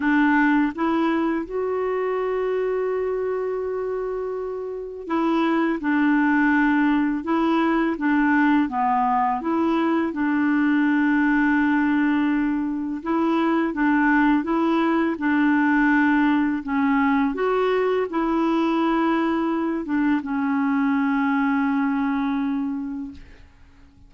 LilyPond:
\new Staff \with { instrumentName = "clarinet" } { \time 4/4 \tempo 4 = 83 d'4 e'4 fis'2~ | fis'2. e'4 | d'2 e'4 d'4 | b4 e'4 d'2~ |
d'2 e'4 d'4 | e'4 d'2 cis'4 | fis'4 e'2~ e'8 d'8 | cis'1 | }